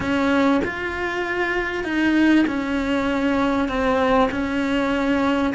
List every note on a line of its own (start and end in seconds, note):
0.00 0.61 C#4
0.64 1.84 F4
1.84 2.45 D#4
2.47 3.68 C#4
3.68 4.29 C4
4.31 5.53 C#4